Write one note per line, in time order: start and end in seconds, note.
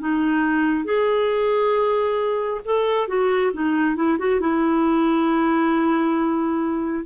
0.00 0.85 D#4
0.85 2.61 G#4
2.66 3.08 A4
3.08 3.52 F#4
3.53 3.96 D#4
3.96 4.18 E4
4.19 4.41 F#4
4.41 7.05 E4